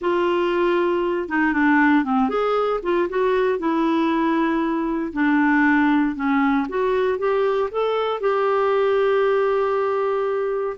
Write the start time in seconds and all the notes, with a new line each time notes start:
0.01 F4
1.28 D#4
1.53 D4
2.04 C4
2.29 G#4
2.83 F4
3.09 F#4
3.58 E4
5.13 D4
6.15 C#4
6.68 F#4
7.18 G4
7.71 A4
8.20 G4